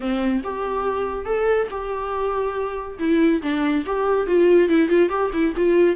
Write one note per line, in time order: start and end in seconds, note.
0.00 0.41 C4
0.43 1.25 G4
1.25 1.67 A4
1.70 2.98 G4
2.98 3.41 E4
3.42 3.85 D4
3.85 4.26 G4
4.26 4.68 F4
4.68 4.88 E4
4.88 5.09 F4
5.09 5.30 G4
5.33 5.54 E4
5.56 5.96 F4